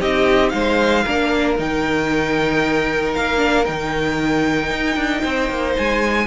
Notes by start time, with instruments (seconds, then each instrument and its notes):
0.00 cello C4, viola D#4, violin G4 D#5
0.49 cello G#3, violin C5 F5
1.03 cello A#3, viola D4, violin A#4
1.57 cello D#3, viola D#4, violin G5
3.14 cello A#3, violin F5
3.37 viola D4
3.65 cello D#3, viola D#4, violin G5
4.70 cello D#4
4.96 cello D4
5.22 cello C4, violin C5
5.49 cello A#3
5.77 cello G#3, violin G#5